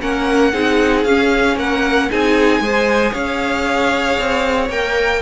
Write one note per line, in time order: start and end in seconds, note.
0.00 0.53 A#3
0.00 0.52 C#4
0.00 0.53 A#4
0.00 1.04 F#5
0.53 1.05 C4
0.53 1.05 D#4
0.53 1.56 G#4
1.04 1.56 C#4
1.04 2.10 C#4
1.04 1.56 F5
1.56 2.08 A#3
1.56 2.09 A#4
1.56 2.10 F#5
2.10 2.60 C4
2.10 2.62 D#4
2.10 2.62 G#4
2.10 3.13 G#5
2.60 3.12 G#3
2.60 4.71 G#4
2.60 3.11 C5
3.11 4.18 C#4
3.11 5.20 C#5
3.11 4.69 F5
4.19 4.69 C4
4.69 5.21 A#3
4.69 5.22 A#4
4.69 5.22 G5